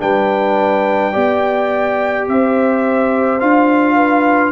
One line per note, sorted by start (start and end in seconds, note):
0.00 1.15 G3
0.00 1.13 D4
0.00 1.12 B4
0.00 2.28 G5
1.12 2.28 B3
1.12 3.39 G4
1.12 2.26 D5
2.28 3.41 C4
2.28 3.96 C5
2.28 3.40 E5
3.40 4.52 D4
3.40 4.52 F4
3.40 4.52 F5
3.96 4.52 B4